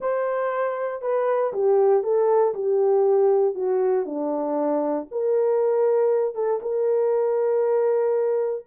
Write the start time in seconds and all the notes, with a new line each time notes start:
0.00 C5
1.01 B4
1.53 G4
2.03 A4
2.54 G4
3.54 F#4
4.05 D4
5.11 A#4
6.34 A4
6.61 A#4